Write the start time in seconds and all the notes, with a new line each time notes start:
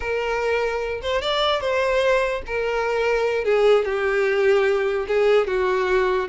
0.00 A#4
1.02 C5
1.21 D5
1.61 C5
2.46 A#4
3.44 G#4
3.84 G4
5.07 G#4
5.47 F#4